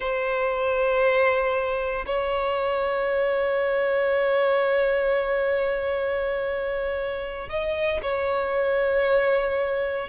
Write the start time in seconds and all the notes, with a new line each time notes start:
0.00 C5
2.05 C#5
7.49 D#5
8.02 C#5